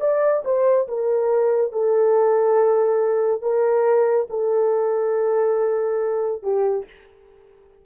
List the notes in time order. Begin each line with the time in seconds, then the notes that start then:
0.00 D5
0.44 C5
0.88 A#4
1.72 A4
3.42 A#4
4.29 A4
6.42 G4